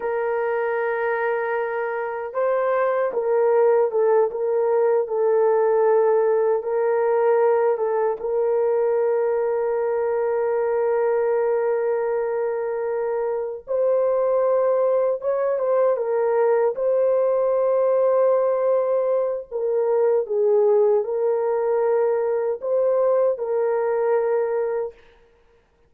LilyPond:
\new Staff \with { instrumentName = "horn" } { \time 4/4 \tempo 4 = 77 ais'2. c''4 | ais'4 a'8 ais'4 a'4.~ | a'8 ais'4. a'8 ais'4.~ | ais'1~ |
ais'4. c''2 cis''8 | c''8 ais'4 c''2~ c''8~ | c''4 ais'4 gis'4 ais'4~ | ais'4 c''4 ais'2 | }